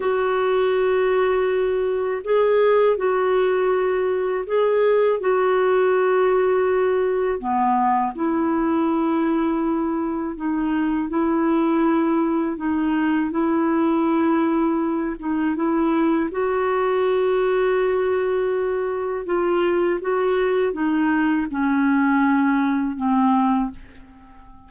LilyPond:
\new Staff \with { instrumentName = "clarinet" } { \time 4/4 \tempo 4 = 81 fis'2. gis'4 | fis'2 gis'4 fis'4~ | fis'2 b4 e'4~ | e'2 dis'4 e'4~ |
e'4 dis'4 e'2~ | e'8 dis'8 e'4 fis'2~ | fis'2 f'4 fis'4 | dis'4 cis'2 c'4 | }